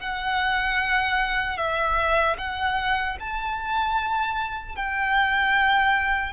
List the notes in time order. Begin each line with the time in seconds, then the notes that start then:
0.00 F#5
1.58 E5
2.38 F#5
3.20 A5
4.76 G5